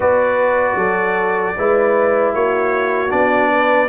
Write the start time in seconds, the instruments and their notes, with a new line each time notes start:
0.00 tuba B3, trombone F#4, horn B4, trumpet D5
0.75 tuba F#3, horn A4
1.57 tuba G#3, trombone E4, horn B4
2.33 tuba A#3, horn F#4, trumpet C#5
3.09 tuba B3, trombone D4, trumpet D5
3.52 horn B4